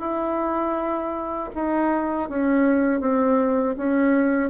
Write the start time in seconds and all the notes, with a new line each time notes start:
0.00 E4
1.55 D#4
2.30 C#4
3.01 C4
3.77 C#4